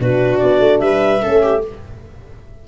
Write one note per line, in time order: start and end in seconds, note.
0.00 0.41 B2
0.00 1.22 D4
0.00 0.82 F#4
0.00 0.38 B4
0.38 0.60 B3
0.38 0.79 D5
0.60 0.81 A3
0.80 1.22 G3
0.80 1.23 B4
0.80 1.62 E5
1.22 1.68 A3
1.22 1.63 C#4
1.22 1.43 A4
1.43 1.63 G4